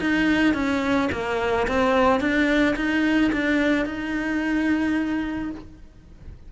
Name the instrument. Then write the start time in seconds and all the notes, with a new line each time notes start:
cello
0.00 D#4
0.54 C#4
1.12 A#3
1.67 C4
2.20 D4
2.76 D#4
3.32 D4
3.85 D#4